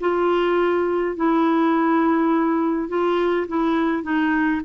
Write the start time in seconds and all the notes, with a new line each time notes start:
0.00 F4
1.16 E4
2.88 F4
3.47 E4
4.03 D#4